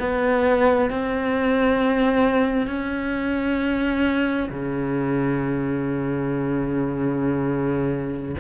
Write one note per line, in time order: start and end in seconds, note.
0.00 0.90 B3
0.90 2.67 C4
2.67 4.49 C#4
4.50 8.36 C#3